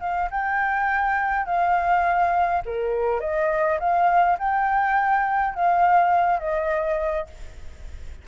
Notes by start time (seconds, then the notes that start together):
0.00 F5
0.30 G5
1.46 F5
2.65 A#4
3.20 D#5
3.79 F5
4.38 G5
5.54 F5
6.39 D#5